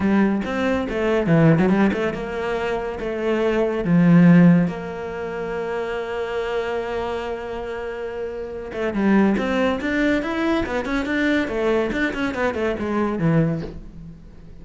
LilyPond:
\new Staff \with { instrumentName = "cello" } { \time 4/4 \tempo 4 = 141 g4 c'4 a4 e8. fis16 | g8 a8 ais2 a4~ | a4 f2 ais4~ | ais1~ |
ais1~ | ais8 a8 g4 c'4 d'4 | e'4 b8 cis'8 d'4 a4 | d'8 cis'8 b8 a8 gis4 e4 | }